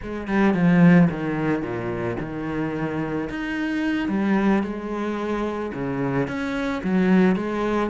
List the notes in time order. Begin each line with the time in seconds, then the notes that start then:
0.02 G#3
0.27 G3
0.54 F3
1.10 D#3
1.62 A#2
2.20 D#3
3.29 D#4
4.08 G3
4.63 G#3
5.73 C#3
6.27 C#4
6.83 F#3
7.35 G#3